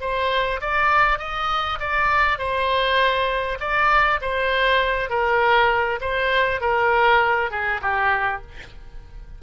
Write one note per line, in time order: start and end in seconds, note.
0.00 0.60 C5
0.60 1.18 D5
1.18 1.78 D#5
1.79 2.38 D5
2.38 3.58 C5
3.60 4.20 D5
4.21 5.09 C5
5.09 5.99 A#4
6.01 6.60 C5
6.60 7.50 A#4
7.51 7.81 G#4
7.81 8.41 G4